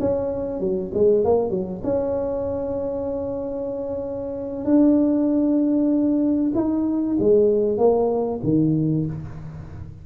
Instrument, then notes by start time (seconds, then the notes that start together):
tuba
0.00 C#4
0.60 F#3
0.94 G#3
1.25 A#3
1.50 F#3
1.84 C#4
4.65 D4
6.55 D#4
7.19 G#3
7.78 A#3
8.43 D#3